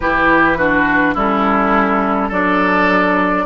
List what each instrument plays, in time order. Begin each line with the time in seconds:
0.00 bassoon E3, clarinet E4, oboe G4, flute B4
0.57 clarinet D4, oboe F#4
1.14 bassoon G3, clarinet C#4, oboe E4, flute A4
2.28 bassoon F#3, clarinet D4, oboe A4, flute D5